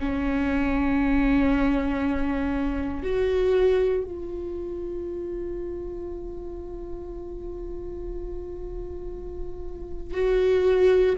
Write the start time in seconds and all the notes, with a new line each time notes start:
0.00 C#4
3.03 F#4
4.04 F4
10.14 F#4